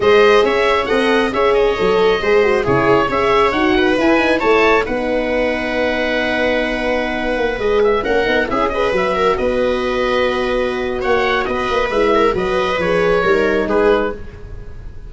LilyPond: <<
  \new Staff \with { instrumentName = "oboe" } { \time 4/4 \tempo 4 = 136 dis''4 e''4 fis''4 e''8 dis''8~ | dis''2 cis''4 e''4 | fis''4 gis''4 a''4 fis''4~ | fis''1~ |
fis''4~ fis''16 dis''8 e''8 fis''4 e''8 dis''16~ | dis''16 e''4 dis''2~ dis''8.~ | dis''4 fis''4 dis''4 e''4 | dis''4 cis''2 b'4 | }
  \new Staff \with { instrumentName = "viola" } { \time 4/4 c''4 cis''4 dis''4 cis''4~ | cis''4 c''4 gis'4 cis''4~ | cis''8 b'4. cis''4 b'4~ | b'1~ |
b'2~ b'16 ais'4 gis'8 b'16~ | b'8. ais'8 b'2~ b'8.~ | b'4 cis''4 b'4. ais'8 | b'2 ais'4 gis'4 | }
  \new Staff \with { instrumentName = "horn" } { \time 4/4 gis'2 a'4 gis'4 | a'4 gis'8 fis'8 e'4 gis'4 | fis'4 e'8 dis'8 e'4 dis'4~ | dis'1~ |
dis'4~ dis'16 gis'4 cis'8 dis'8 e'8 gis'16~ | gis'16 fis'2.~ fis'8.~ | fis'2. e'4 | fis'4 gis'4 dis'2 | }
  \new Staff \with { instrumentName = "tuba" } { \time 4/4 gis4 cis'4 c'4 cis'4 | fis4 gis4 cis4 cis'4 | dis'4 e'4 a4 b4~ | b1~ |
b8. ais8 gis4 ais8 b8 cis'8.~ | cis'16 fis4 b2~ b8.~ | b4 ais4 b8 ais8 gis4 | fis4 f4 g4 gis4 | }
>>